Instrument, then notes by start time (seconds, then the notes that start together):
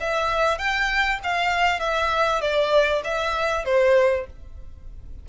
violin
0.00 E5
0.58 G5
1.23 F5
1.79 E5
2.41 D5
3.04 E5
3.65 C5